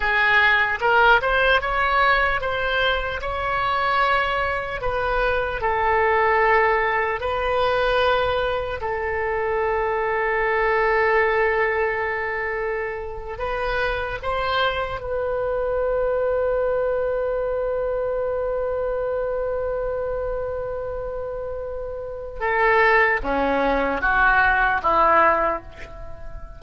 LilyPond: \new Staff \with { instrumentName = "oboe" } { \time 4/4 \tempo 4 = 75 gis'4 ais'8 c''8 cis''4 c''4 | cis''2 b'4 a'4~ | a'4 b'2 a'4~ | a'1~ |
a'8. b'4 c''4 b'4~ b'16~ | b'1~ | b'1 | a'4 cis'4 fis'4 e'4 | }